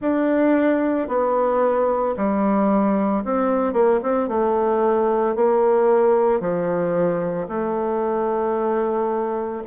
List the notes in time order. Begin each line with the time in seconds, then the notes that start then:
0.00 D4
1.08 B3
2.17 G3
3.24 C4
3.73 A#3
4.02 C4
4.28 A3
5.35 A#3
6.40 F3
7.48 A3